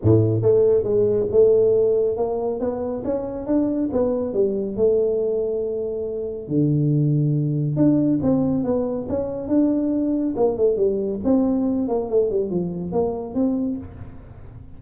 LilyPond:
\new Staff \with { instrumentName = "tuba" } { \time 4/4 \tempo 4 = 139 a,4 a4 gis4 a4~ | a4 ais4 b4 cis'4 | d'4 b4 g4 a4~ | a2. d4~ |
d2 d'4 c'4 | b4 cis'4 d'2 | ais8 a8 g4 c'4. ais8 | a8 g8 f4 ais4 c'4 | }